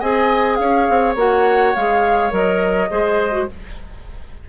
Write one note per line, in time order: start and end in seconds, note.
0.00 0.59 C4
0.00 1.17 G#4
0.00 0.58 D#5
0.00 0.56 G#5
0.56 0.88 C#4
0.56 2.91 C#5
0.56 1.14 F5
0.89 1.16 C4
1.16 1.74 A#3
1.16 1.75 F#4
1.16 1.75 F#5
1.75 2.32 G#3
1.75 2.31 G#4
1.75 2.33 F5
2.31 2.90 F#3
2.31 2.88 A#4
2.31 3.49 D#5
2.91 3.49 G#3
2.91 3.32 G#4
2.91 3.48 C5
3.32 3.46 F#4